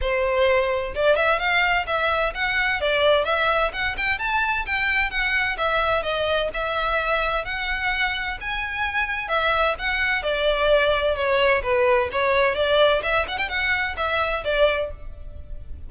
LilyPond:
\new Staff \with { instrumentName = "violin" } { \time 4/4 \tempo 4 = 129 c''2 d''8 e''8 f''4 | e''4 fis''4 d''4 e''4 | fis''8 g''8 a''4 g''4 fis''4 | e''4 dis''4 e''2 |
fis''2 gis''2 | e''4 fis''4 d''2 | cis''4 b'4 cis''4 d''4 | e''8 fis''16 g''16 fis''4 e''4 d''4 | }